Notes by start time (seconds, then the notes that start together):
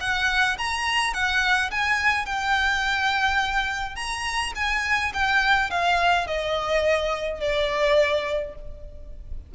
0.00 F#5
0.58 A#5
1.13 F#5
1.71 G#5
2.25 G5
3.95 A#5
4.55 G#5
5.14 G5
5.70 F5
6.27 D#5
7.40 D5